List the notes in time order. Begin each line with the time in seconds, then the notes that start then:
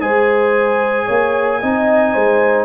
0.00 G#3 G#4 C5 G#5
1.05 A#3 C#5
1.60 C4 D#4 D#5
2.13 G#3 C5